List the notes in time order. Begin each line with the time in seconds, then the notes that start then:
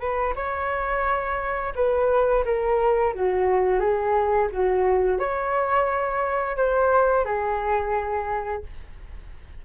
0.00 B4
0.36 C#5
1.76 B4
2.45 A#4
3.14 F#4
3.80 G#4
4.52 F#4
5.19 C#5
6.57 C5
7.25 G#4